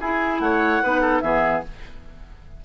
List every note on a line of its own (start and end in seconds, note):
0.00 0.39 E4
0.00 0.84 E4
0.00 0.41 G#4
0.00 0.40 G#5
0.39 0.80 A3
0.39 0.83 C#5
0.39 1.20 F#5
0.83 1.22 B3
0.83 1.22 D#4
0.83 1.01 B4
1.01 1.21 A4
1.20 1.62 E3
1.20 1.63 B3
1.20 1.64 G#4
1.20 1.61 E5